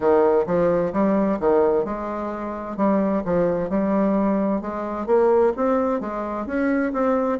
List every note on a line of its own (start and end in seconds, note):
0.00 0.44 D#3
0.46 0.92 F3
0.92 1.38 G3
1.39 1.85 D#3
1.85 2.77 G#3
2.77 3.23 G3
3.24 3.69 F3
3.69 4.61 G3
4.61 5.06 G#3
5.06 5.52 A#3
5.56 6.00 C4
6.00 6.46 G#3
6.46 6.92 C#4
6.92 7.38 C4